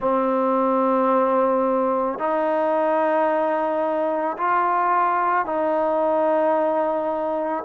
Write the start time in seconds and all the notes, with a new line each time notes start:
0.00 C4
2.18 D#4
4.37 F4
5.45 D#4